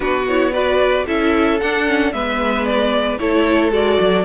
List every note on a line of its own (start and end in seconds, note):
0.00 1.06 B3
0.00 0.25 D4
0.00 0.52 F#4
0.00 0.27 B4
0.28 0.53 E4
0.28 0.53 C#5
0.52 1.06 F#4
0.52 1.05 B4
0.52 1.06 D5
1.06 1.61 C#4
1.06 1.60 E4
1.06 2.13 A4
1.06 1.60 E5
1.60 1.86 D4
1.60 2.13 D4
1.60 2.12 F#5
1.86 2.12 C#4
2.12 3.19 G#3
2.12 3.19 B3
2.12 3.19 B4
2.12 2.65 E5
2.65 3.18 D5
3.18 3.71 A3
3.18 3.71 E4
3.18 4.24 A4
3.18 3.71 C#5
3.71 3.98 G#3
3.71 4.24 F#4
3.71 4.24 D5
4.00 4.24 F#3